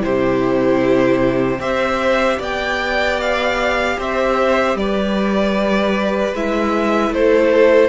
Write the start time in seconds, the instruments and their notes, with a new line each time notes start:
0.00 cello C3, viola E4, violin G4 C5
1.59 cello C4, viola G4, violin C5 E5
2.38 cello B3, violin D5 G5
3.21 violin F5
3.99 cello C4, violin C5 E5
4.75 cello G3, violin B4 D5
6.33 cello G#3, viola E4, violin E5
7.11 cello A3, violin A4 C5